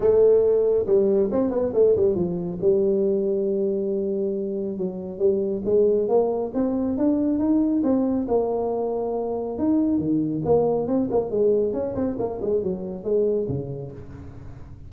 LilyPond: \new Staff \with { instrumentName = "tuba" } { \time 4/4 \tempo 4 = 138 a2 g4 c'8 b8 | a8 g8 f4 g2~ | g2. fis4 | g4 gis4 ais4 c'4 |
d'4 dis'4 c'4 ais4~ | ais2 dis'4 dis4 | ais4 c'8 ais8 gis4 cis'8 c'8 | ais8 gis8 fis4 gis4 cis4 | }